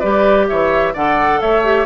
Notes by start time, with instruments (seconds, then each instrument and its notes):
0.00 bassoon G3, clarinet G4, oboe B4, flute D5
0.48 bassoon E3, oboe C#5, flute E5
0.94 bassoon D3, clarinet A4, oboe D5, flute F#5
1.41 bassoon A3, oboe C#5, flute E5
1.64 clarinet G4